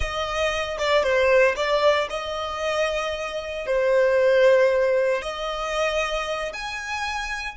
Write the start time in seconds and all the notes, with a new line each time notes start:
0.00 D#5
0.78 D5
1.03 C5
1.55 D5
2.10 D#5
3.66 C5
5.22 D#5
6.53 G#5